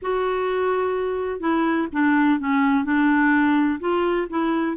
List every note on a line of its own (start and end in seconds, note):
0.02 1.40 F#4
1.40 1.87 E4
1.92 2.39 D4
2.39 2.84 C#4
2.84 3.79 D4
3.80 4.27 F4
4.29 4.76 E4